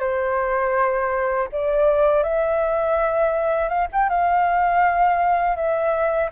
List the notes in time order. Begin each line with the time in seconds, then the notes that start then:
0.00 C5
1.52 D5
2.24 E5
3.69 F5
3.93 G5
4.10 F5
5.56 E5